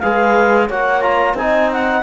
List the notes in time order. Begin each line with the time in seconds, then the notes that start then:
0.00 G#3 G#4 B4 F5
0.68 A#3 F#4 C#5 F#5
1.02 F4 A#5
1.34 C4 D#4 D#5 G#5
1.72 F#5